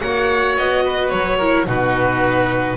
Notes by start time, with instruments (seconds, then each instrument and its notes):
0.00 double bass A#3, viola F#4, oboe C#5, violin F#5
0.57 double bass B3, violin D#5
0.84 oboe B4
1.09 double bass F#3, violin C#5
1.38 viola E4, oboe A#4
1.66 double bass B2, viola D#4, oboe F#4, violin B4